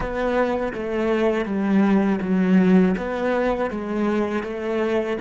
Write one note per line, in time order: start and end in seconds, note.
0.00 0.72 B3
0.73 1.45 A3
1.45 2.19 G3
2.21 2.95 F#3
2.97 3.70 B3
3.70 4.43 G#3
4.43 5.17 A3